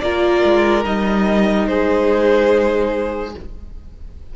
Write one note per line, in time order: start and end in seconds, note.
0.00 0.43 A#3
0.00 0.84 F4
0.00 1.69 A#4
0.00 0.83 D5
0.45 0.85 G#3
0.84 1.68 G3
0.84 3.34 D#4
0.84 1.67 D#5
1.67 3.35 G#3
1.67 3.36 G#4
1.67 3.34 C5